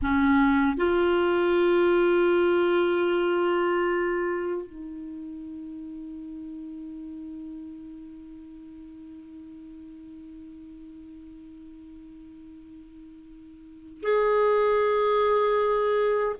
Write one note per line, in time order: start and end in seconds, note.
0.02 0.76 C#4
0.76 4.66 F4
4.66 14.01 D#4
14.02 16.36 G#4